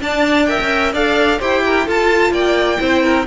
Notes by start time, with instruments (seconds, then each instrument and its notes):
0.00 viola D4, cello D4, violin D5 A5
0.45 viola A#4, violin E5 G5
0.60 cello C#4
0.93 cello D4, viola A4, violin D5 F5
1.39 cello E4, viola G4, violin C5 G5
1.65 violin A#4
1.86 viola F4, cello F4, violin A4 A5
2.31 cello A#3, violin D5 G5
2.78 cello C4, viola E4, violin C5
3.03 violin A#4